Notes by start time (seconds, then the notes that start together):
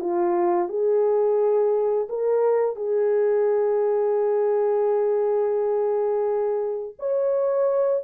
0.00 F4
0.68 G#4
2.09 A#4
2.76 G#4
6.99 C#5